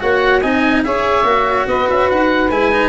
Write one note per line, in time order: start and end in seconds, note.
0.00 0.43 A#3
0.00 0.41 F#4
0.00 0.41 C#5
0.00 0.42 F#5
0.41 0.85 C4
0.41 0.85 D#4
0.41 0.83 D#5
0.41 0.83 G#5
0.84 1.24 C#4
0.84 1.24 G#4
0.84 1.68 C#5
0.84 1.67 E5
1.24 1.65 A#3
1.24 2.49 F#4
1.67 1.87 B3
1.67 2.89 B4
1.67 1.89 D#5
1.89 2.11 C#4
1.89 2.09 E5
2.09 2.50 D#4
2.09 2.50 F#5
2.50 2.89 G#3
2.50 2.71 E4
2.50 2.89 G#5
2.71 2.89 D#4